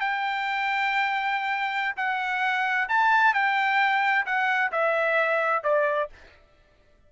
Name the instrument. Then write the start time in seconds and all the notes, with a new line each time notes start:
trumpet
0.00 G5
1.96 F#5
2.88 A5
3.34 G5
4.26 F#5
4.71 E5
5.63 D5